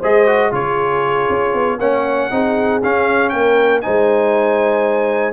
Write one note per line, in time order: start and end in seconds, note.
0.00 0.53 G#3
0.00 0.27 G#4
0.00 0.51 C5
0.00 0.54 D#5
0.27 0.52 F#4
0.52 1.29 C#3
0.52 1.79 F4
0.52 1.79 G#4
0.52 1.80 C#5
1.30 1.54 C#4
1.54 1.78 B3
1.78 2.29 A#3
1.78 2.31 C#4
1.78 2.30 C#5
1.78 2.82 F#5
2.31 2.82 C4
2.31 2.82 D#4
2.31 3.33 G#4
2.83 3.33 C#4
2.83 3.83 C#4
2.83 3.30 F5
3.30 3.84 A#3
3.30 3.84 A#4
3.30 3.81 G5
3.82 5.33 G#3
3.82 5.33 D#4
3.82 5.33 C5
3.82 5.33 G#5